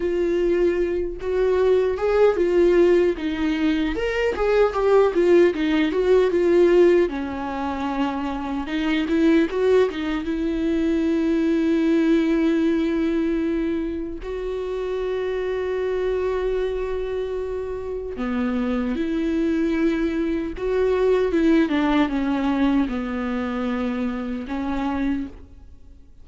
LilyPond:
\new Staff \with { instrumentName = "viola" } { \time 4/4 \tempo 4 = 76 f'4. fis'4 gis'8 f'4 | dis'4 ais'8 gis'8 g'8 f'8 dis'8 fis'8 | f'4 cis'2 dis'8 e'8 | fis'8 dis'8 e'2.~ |
e'2 fis'2~ | fis'2. b4 | e'2 fis'4 e'8 d'8 | cis'4 b2 cis'4 | }